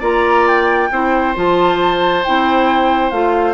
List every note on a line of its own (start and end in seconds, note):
0.00 0.89 A#3
0.00 0.90 F4
0.00 0.88 D5
0.00 0.47 A#5
0.47 1.35 G5
0.92 1.36 C4
0.92 1.36 E4
0.92 3.54 C5
1.36 2.24 F3
1.36 2.24 F4
1.36 2.24 A5
2.24 3.11 C4
2.24 3.12 E4
2.24 3.10 G5
3.10 3.54 A3
3.10 3.54 F4
3.10 3.54 F5